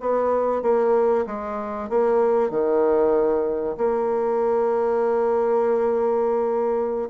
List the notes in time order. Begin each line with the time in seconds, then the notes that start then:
0.00 B3
0.62 A#3
1.26 G#3
1.89 A#3
2.50 D#3
3.77 A#3